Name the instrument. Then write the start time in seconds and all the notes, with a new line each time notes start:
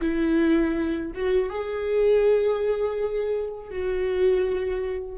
viola
0.01 E4
1.14 F#4
1.49 G#4
3.70 F#4